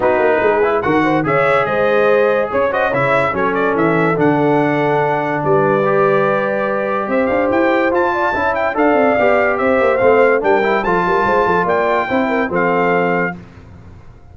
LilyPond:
<<
  \new Staff \with { instrumentName = "trumpet" } { \time 4/4 \tempo 4 = 144 b'2 fis''4 e''4 | dis''2 cis''8 dis''8 e''4 | cis''8 d''8 e''4 fis''2~ | fis''4 d''2.~ |
d''4 e''8 f''8 g''4 a''4~ | a''8 g''8 f''2 e''4 | f''4 g''4 a''2 | g''2 f''2 | }
  \new Staff \with { instrumentName = "horn" } { \time 4/4 fis'4 gis'4 ais'8 c''8 cis''4 | c''2 cis''8 c''8 cis''4 | a'1~ | a'4 b'2.~ |
b'4 c''2~ c''8 d''8 | e''4 d''2 c''4~ | c''4 ais'4 a'8 ais'8 c''8 a'8 | d''4 c''8 ais'8 a'2 | }
  \new Staff \with { instrumentName = "trombone" } { \time 4/4 dis'4. e'8 fis'4 gis'4~ | gis'2~ gis'8 fis'8 e'4 | cis'2 d'2~ | d'2 g'2~ |
g'2. f'4 | e'4 a'4 g'2 | c'4 d'8 e'8 f'2~ | f'4 e'4 c'2 | }
  \new Staff \with { instrumentName = "tuba" } { \time 4/4 b8 ais8 gis4 dis4 cis4 | gis2 cis'4 cis4 | fis4 e4 d2~ | d4 g2.~ |
g4 c'8 d'8 e'4 f'4 | cis'4 d'8 c'8 b4 c'8 ais8 | a4 g4 f8 g8 gis8 f8 | ais4 c'4 f2 | }
>>